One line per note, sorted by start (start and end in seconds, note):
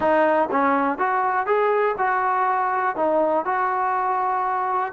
0.00 0.48 D#4
0.51 0.98 C#4
0.98 1.46 F#4
1.46 1.95 G#4
1.98 2.96 F#4
2.96 3.45 D#4
3.45 4.92 F#4